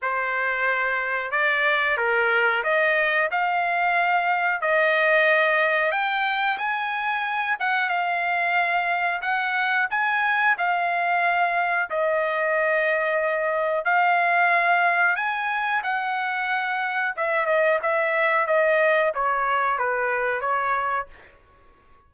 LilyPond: \new Staff \with { instrumentName = "trumpet" } { \time 4/4 \tempo 4 = 91 c''2 d''4 ais'4 | dis''4 f''2 dis''4~ | dis''4 g''4 gis''4. fis''8 | f''2 fis''4 gis''4 |
f''2 dis''2~ | dis''4 f''2 gis''4 | fis''2 e''8 dis''8 e''4 | dis''4 cis''4 b'4 cis''4 | }